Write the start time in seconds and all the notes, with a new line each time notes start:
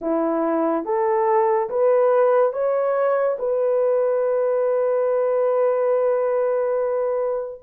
0.01 E4
0.85 A4
1.69 B4
2.52 C#5
3.38 B4